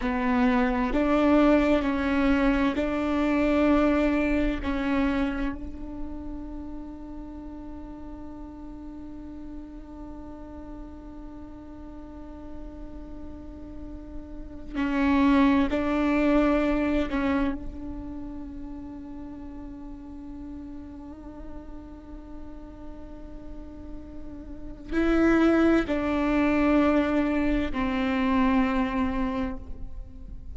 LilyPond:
\new Staff \with { instrumentName = "viola" } { \time 4/4 \tempo 4 = 65 b4 d'4 cis'4 d'4~ | d'4 cis'4 d'2~ | d'1~ | d'1 |
cis'4 d'4. cis'8 d'4~ | d'1~ | d'2. e'4 | d'2 c'2 | }